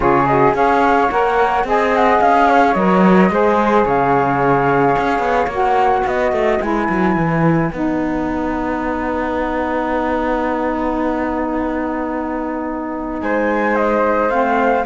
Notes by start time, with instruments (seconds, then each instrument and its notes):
0.00 cello C#3, saxophone F4, flute G#4 C#5
0.26 saxophone F#4, flute D#5
0.53 cello C#4, saxophone G#4, flute C#5 F5
1.10 cello A#3, saxophone A#4, flute F#5
1.64 cello C4, saxophone G#4, flute D#5 G#5
1.95 flute F#5
2.21 cello C#4, flute F5
2.48 flute C#5
2.74 cello F#3, saxophone A#4, flute D#5
3.29 cello G#3, saxophone G#4, flute C5
3.85 cello C#3, flute C#5 F5
4.98 cello C#4
5.19 cello B3
5.46 cello A#3, saxophone F#4
5.54 flute F#5
6.02 cello B3, flute B4 D#5
6.31 cello A3
6.60 cello G#3, saxophone E4, flute G#5
6.89 cello F#3
7.15 cello E3
7.71 cello B3, saxophone D#4, flute F#5
13.21 cello G#3, flute C5 G#5
13.75 flute D#5
14.29 cello A3, saxophone C4, flute F5